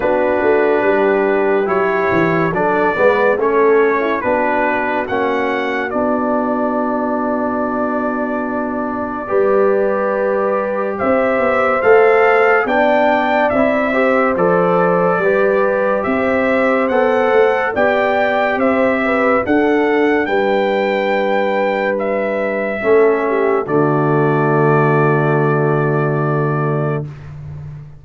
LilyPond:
<<
  \new Staff \with { instrumentName = "trumpet" } { \time 4/4 \tempo 4 = 71 b'2 cis''4 d''4 | cis''4 b'4 fis''4 d''4~ | d''1~ | d''4 e''4 f''4 g''4 |
e''4 d''2 e''4 | fis''4 g''4 e''4 fis''4 | g''2 e''2 | d''1 | }
  \new Staff \with { instrumentName = "horn" } { \time 4/4 fis'4 g'2 a'8 b'8 | a'8. e'16 fis'2.~ | fis'2. b'4~ | b'4 c''2 d''4~ |
d''8 c''4. b'4 c''4~ | c''4 d''4 c''8 b'8 a'4 | b'2. a'8 g'8 | fis'1 | }
  \new Staff \with { instrumentName = "trombone" } { \time 4/4 d'2 e'4 d'8 b8 | cis'4 d'4 cis'4 d'4~ | d'2. g'4~ | g'2 a'4 d'4 |
e'8 g'8 a'4 g'2 | a'4 g'2 d'4~ | d'2. cis'4 | a1 | }
  \new Staff \with { instrumentName = "tuba" } { \time 4/4 b8 a8 g4 fis8 e8 fis8 gis8 | a4 b4 ais4 b4~ | b2. g4~ | g4 c'8 b8 a4 b4 |
c'4 f4 g4 c'4 | b8 a8 b4 c'4 d'4 | g2. a4 | d1 | }
>>